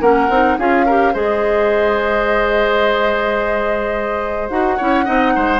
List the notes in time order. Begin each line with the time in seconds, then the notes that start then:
0.00 A#3 C#4 A#4 F#5
0.29 C4 D#4
0.58 C#4 F4 G#4 F5
0.85 G4 A#4
1.13 G#3 G#4 C5 D#5
4.49 D#4 F#4 F#5
4.76 C#4 E4 C#5
5.05 C4 D#4 D#5
5.35 G#3 C5